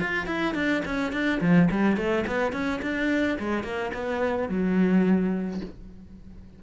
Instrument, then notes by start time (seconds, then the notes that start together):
cello
0.00 F4
0.26 E4
0.55 D4
0.85 C#4
1.12 D4
1.41 F3
1.71 G3
1.97 A3
2.27 B3
2.52 C#4
2.82 D4
3.39 G#3
3.64 A#3
3.94 B3
4.49 F#3